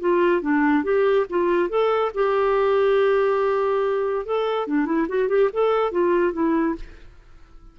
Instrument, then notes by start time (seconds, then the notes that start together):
clarinet
0.00 F4
0.41 D4
0.84 G4
1.29 F4
1.69 A4
2.14 G4
4.25 A4
4.67 D4
4.85 E4
5.08 F#4
5.28 G4
5.53 A4
5.91 F4
6.33 E4